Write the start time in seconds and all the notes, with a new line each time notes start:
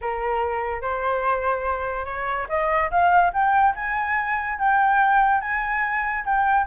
0.01 A#4
0.81 C5
2.05 C#5
2.48 D#5
2.91 F5
3.33 G5
3.75 G#5
4.58 G5
5.41 G#5
6.24 G5